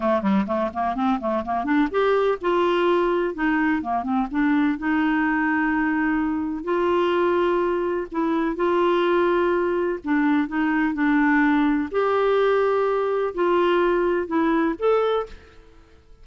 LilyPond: \new Staff \with { instrumentName = "clarinet" } { \time 4/4 \tempo 4 = 126 a8 g8 a8 ais8 c'8 a8 ais8 d'8 | g'4 f'2 dis'4 | ais8 c'8 d'4 dis'2~ | dis'2 f'2~ |
f'4 e'4 f'2~ | f'4 d'4 dis'4 d'4~ | d'4 g'2. | f'2 e'4 a'4 | }